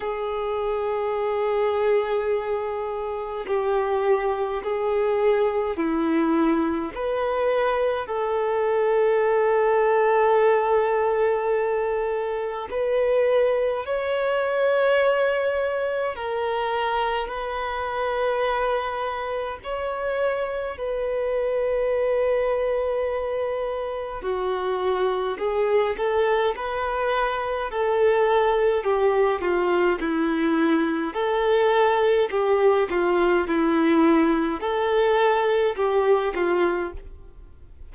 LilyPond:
\new Staff \with { instrumentName = "violin" } { \time 4/4 \tempo 4 = 52 gis'2. g'4 | gis'4 e'4 b'4 a'4~ | a'2. b'4 | cis''2 ais'4 b'4~ |
b'4 cis''4 b'2~ | b'4 fis'4 gis'8 a'8 b'4 | a'4 g'8 f'8 e'4 a'4 | g'8 f'8 e'4 a'4 g'8 f'8 | }